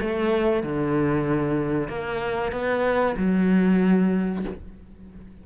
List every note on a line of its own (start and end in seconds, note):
0.00 0.63 A3
0.63 1.88 D3
1.88 2.52 A#3
2.52 3.16 B3
3.17 4.44 F#3